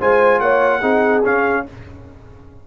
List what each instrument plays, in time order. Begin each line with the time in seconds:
0.00 tuba G#3, trombone F4, horn C5, trumpet G#5
0.40 tuba A#3, horn C#5, trumpet F#5
0.81 tuba C4, trombone D#4, horn G#4
1.24 trombone C#4, tuba C#4, trumpet F5